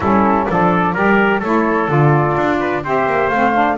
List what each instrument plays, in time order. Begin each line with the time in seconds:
0.00 double bass G3, saxophone C#4, trumpet E4, flute A4
0.45 double bass F3, saxophone D4, trumpet A4, flute D5
0.93 double bass G3, saxophone G4, trumpet A#4
1.39 double bass A3, saxophone E4, trumpet A4, flute C#5
1.87 double bass D3, saxophone F4, flute D5
2.36 double bass D4
2.60 trumpet B4
2.84 double bass C4, saxophone G4, trumpet C5, flute E5
3.06 double bass A#3
3.29 double bass A3, saxophone C4, flute F5
3.54 saxophone D4